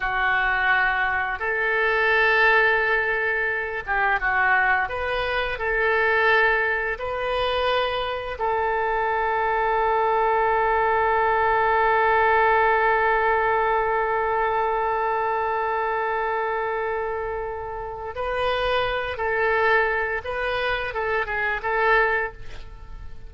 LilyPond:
\new Staff \with { instrumentName = "oboe" } { \time 4/4 \tempo 4 = 86 fis'2 a'2~ | a'4. g'8 fis'4 b'4 | a'2 b'2 | a'1~ |
a'1~ | a'1~ | a'2 b'4. a'8~ | a'4 b'4 a'8 gis'8 a'4 | }